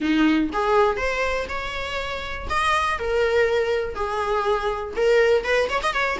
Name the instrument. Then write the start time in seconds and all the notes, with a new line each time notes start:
viola
0.00 D#4
0.52 G#4
0.97 C5
1.48 C#5
2.49 D#5
2.98 A#4
3.94 G#4
4.96 A#4
5.44 B4
5.69 C#5
5.82 D#5
5.93 C#5